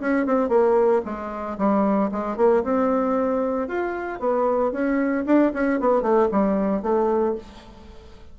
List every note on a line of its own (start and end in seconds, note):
0.00 0.26 C#4
0.26 0.49 C4
0.49 1.02 A#3
1.05 1.58 G#3
1.58 2.11 G3
2.11 2.37 G#3
2.37 2.63 A#3
2.64 3.68 C4
3.68 4.20 F4
4.20 4.72 B3
4.72 5.25 C#4
5.26 5.52 D4
5.54 5.80 C#4
5.80 6.02 B3
6.02 6.28 A3
6.31 6.83 G3
6.83 7.35 A3